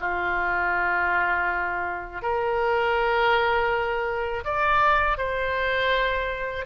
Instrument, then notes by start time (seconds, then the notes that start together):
oboe
0.00 F4
2.22 A#4
4.44 D5
5.18 C5